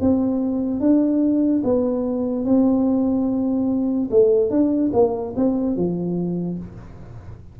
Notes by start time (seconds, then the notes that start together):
0.00 C4
0.80 D4
1.64 B3
2.45 C4
4.11 A3
4.49 D4
4.93 A#3
5.36 C4
5.76 F3